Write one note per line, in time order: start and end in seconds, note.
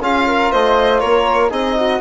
0.00 0.50 C#4
0.00 1.50 F4
0.00 0.26 G#4
0.00 0.51 F5
0.27 0.52 A#4
0.51 1.03 A3
0.51 1.01 C5
0.51 0.99 D#5
0.99 1.51 A#3
0.99 1.50 A#4
0.99 1.49 C#5
1.50 2.01 C4
1.50 2.00 D#4
1.50 1.75 G#4
1.50 2.01 D#5
1.76 2.01 F#4